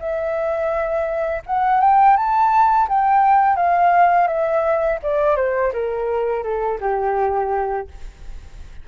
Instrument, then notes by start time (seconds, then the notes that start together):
flute
0.00 E5
1.46 F#5
1.81 G5
2.17 A5
2.89 G5
3.57 F5
4.28 E5
5.03 D5
5.37 C5
5.73 A#4
6.44 A4
6.81 G4